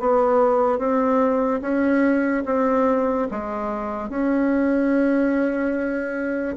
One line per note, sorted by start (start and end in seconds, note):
0.00 0.78 B3
0.78 1.60 C4
1.61 2.44 C#4
2.45 3.28 C4
3.31 4.09 G#3
4.09 6.56 C#4